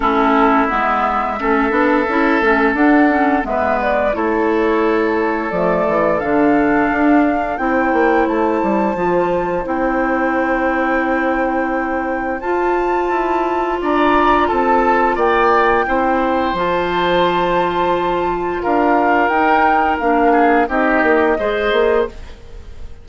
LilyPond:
<<
  \new Staff \with { instrumentName = "flute" } { \time 4/4 \tempo 4 = 87 a'4 e''2. | fis''4 e''8 d''8 cis''2 | d''4 f''2 g''4 | a''2 g''2~ |
g''2 a''2 | ais''4 a''4 g''2 | a''2. f''4 | g''4 f''4 dis''2 | }
  \new Staff \with { instrumentName = "oboe" } { \time 4/4 e'2 a'2~ | a'4 b'4 a'2~ | a'2. c''4~ | c''1~ |
c''1 | d''4 a'4 d''4 c''4~ | c''2. ais'4~ | ais'4. gis'8 g'4 c''4 | }
  \new Staff \with { instrumentName = "clarinet" } { \time 4/4 cis'4 b4 cis'8 d'8 e'8 cis'8 | d'8 cis'8 b4 e'2 | a4 d'2 e'4~ | e'4 f'4 e'2~ |
e'2 f'2~ | f'2. e'4 | f'1 | dis'4 d'4 dis'4 gis'4 | }
  \new Staff \with { instrumentName = "bassoon" } { \time 4/4 a4 gis4 a8 b8 cis'8 a8 | d'4 gis4 a2 | f8 e8 d4 d'4 c'8 ais8 | a8 g8 f4 c'2~ |
c'2 f'4 e'4 | d'4 c'4 ais4 c'4 | f2. d'4 | dis'4 ais4 c'8 ais8 gis8 ais8 | }
>>